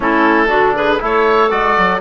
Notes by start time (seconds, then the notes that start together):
0.00 A3 C#4 E4 A4
0.47 D3 D4 F#4
0.75 G#4 B4
0.98 A3 E4 A4 C#5
1.50 G#3 F#4 D5
1.77 F#3